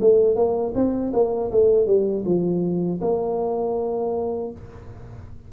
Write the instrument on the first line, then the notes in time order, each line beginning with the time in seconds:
tuba
0.00 A3
0.35 A#3
0.74 C4
1.13 A#3
1.51 A3
1.86 G3
2.25 F3
3.01 A#3